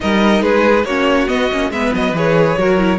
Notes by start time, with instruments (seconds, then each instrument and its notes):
0.00 cello G3, viola D#4, violin A#4 D#5
0.42 cello G#3, violin G#4 B4
0.84 cello A#3, viola C#4, violin F#4 C#5
1.27 viola B3, cello B3, violin D#5
1.52 cello A#3, viola C#4
1.70 cello G#3, viola B3, violin B4 E5
1.93 cello F#3, violin D#5
2.12 cello E3, viola G#4, violin C#5
2.57 cello F#3, viola F#4, violin A#4
2.77 viola E4